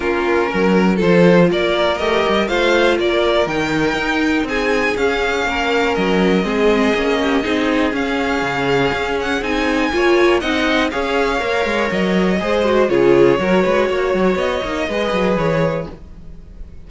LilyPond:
<<
  \new Staff \with { instrumentName = "violin" } { \time 4/4 \tempo 4 = 121 ais'2 c''4 d''4 | dis''4 f''4 d''4 g''4~ | g''4 gis''4 f''2 | dis''1 |
f''2~ f''8 fis''8 gis''4~ | gis''4 fis''4 f''2 | dis''2 cis''2~ | cis''4 dis''2 cis''4 | }
  \new Staff \with { instrumentName = "violin" } { \time 4/4 f'4 ais'4 a'4 ais'4~ | ais'4 c''4 ais'2~ | ais'4 gis'2 ais'4~ | ais'4 gis'4. g'8 gis'4~ |
gis'1 | cis''4 dis''4 cis''2~ | cis''4 c''4 gis'4 ais'8 b'8 | cis''2 b'2 | }
  \new Staff \with { instrumentName = "viola" } { \time 4/4 cis'2 f'2 | g'4 f'2 dis'4~ | dis'2 cis'2~ | cis'4 c'4 cis'4 dis'4 |
cis'2. dis'4 | f'4 dis'4 gis'4 ais'4~ | ais'4 gis'8 fis'8 f'4 fis'4~ | fis'4. dis'8 gis'2 | }
  \new Staff \with { instrumentName = "cello" } { \time 4/4 ais4 fis4 f4 ais4 | a8 g8 a4 ais4 dis4 | dis'4 c'4 cis'4 ais4 | fis4 gis4 ais4 c'4 |
cis'4 cis4 cis'4 c'4 | ais4 c'4 cis'4 ais8 gis8 | fis4 gis4 cis4 fis8 gis8 | ais8 fis8 b8 ais8 gis8 fis8 e4 | }
>>